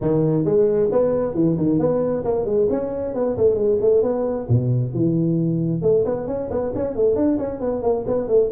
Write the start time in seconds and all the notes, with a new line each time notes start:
0.01 D#3
0.45 G#3
0.91 B3
1.34 E3
1.57 D#3
1.79 B3
2.24 A#3
2.45 G#3
2.70 C#4
3.14 B3
3.37 A3
3.55 G#3
3.81 A3
4.02 B3
4.48 B2
4.93 E3
5.81 A3
6.05 B3
6.27 C#4
6.50 B3
6.75 C#4
6.95 A3
7.15 D4
7.38 C#4
7.60 B3
7.82 A#3
8.07 B3
8.28 A3